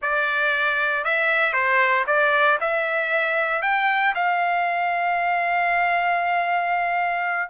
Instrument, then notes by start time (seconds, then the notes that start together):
trumpet
0.02 D5
1.04 E5
1.53 C5
2.06 D5
2.60 E5
3.62 G5
4.14 F5